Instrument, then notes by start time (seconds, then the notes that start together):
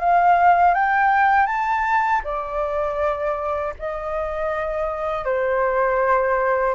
flute
0.00 F5
0.75 G5
1.47 A5
2.24 D5
3.79 D#5
5.25 C5